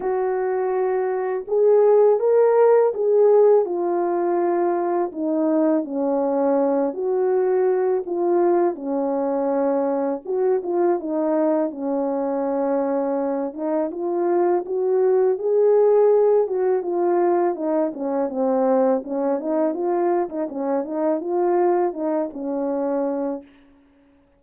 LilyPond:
\new Staff \with { instrumentName = "horn" } { \time 4/4 \tempo 4 = 82 fis'2 gis'4 ais'4 | gis'4 f'2 dis'4 | cis'4. fis'4. f'4 | cis'2 fis'8 f'8 dis'4 |
cis'2~ cis'8 dis'8 f'4 | fis'4 gis'4. fis'8 f'4 | dis'8 cis'8 c'4 cis'8 dis'8 f'8. dis'16 | cis'8 dis'8 f'4 dis'8 cis'4. | }